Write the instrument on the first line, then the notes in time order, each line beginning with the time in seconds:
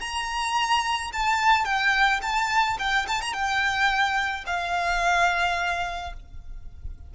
violin
0.00 A#5
1.13 A5
1.65 G5
2.22 A5
2.79 G5
3.08 A5
3.21 A#5
3.33 G5
4.46 F5